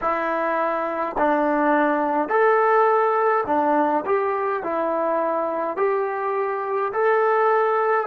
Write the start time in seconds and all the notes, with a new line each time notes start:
0.01 E4
1.18 D4
2.28 A4
3.46 D4
4.05 G4
4.63 E4
5.76 G4
6.92 A4